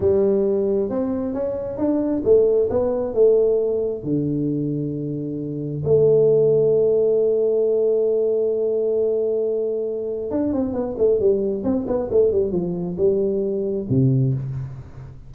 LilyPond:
\new Staff \with { instrumentName = "tuba" } { \time 4/4 \tempo 4 = 134 g2 c'4 cis'4 | d'4 a4 b4 a4~ | a4 d2.~ | d4 a2.~ |
a1~ | a2. d'8 c'8 | b8 a8 g4 c'8 b8 a8 g8 | f4 g2 c4 | }